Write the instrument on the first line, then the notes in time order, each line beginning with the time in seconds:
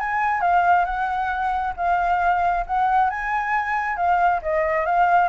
flute
0.00 G#5
0.41 F5
0.85 F#5
1.77 F5
2.67 F#5
3.10 G#5
3.97 F5
4.42 D#5
4.86 F5